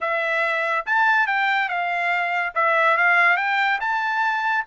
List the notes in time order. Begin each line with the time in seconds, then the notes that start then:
0.01 E5
0.86 A5
1.26 G5
1.68 F5
2.54 E5
2.97 F5
3.36 G5
3.80 A5